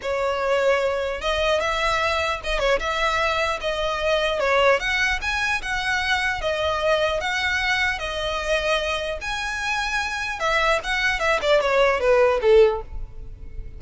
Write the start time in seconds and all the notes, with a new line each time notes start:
0.02 C#5
1.21 D#5
1.60 E5
2.43 D#5
2.59 C#5
2.79 E5
3.61 D#5
4.39 C#5
4.79 F#5
5.21 G#5
5.62 F#5
6.41 D#5
7.20 F#5
7.99 D#5
9.21 G#5
10.39 E5
10.83 F#5
11.19 E5
11.41 D5
11.61 C#5
12.00 B4
12.41 A4